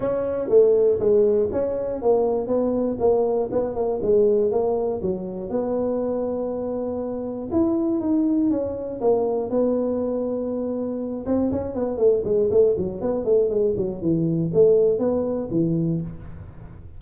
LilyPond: \new Staff \with { instrumentName = "tuba" } { \time 4/4 \tempo 4 = 120 cis'4 a4 gis4 cis'4 | ais4 b4 ais4 b8 ais8 | gis4 ais4 fis4 b4~ | b2. e'4 |
dis'4 cis'4 ais4 b4~ | b2~ b8 c'8 cis'8 b8 | a8 gis8 a8 fis8 b8 a8 gis8 fis8 | e4 a4 b4 e4 | }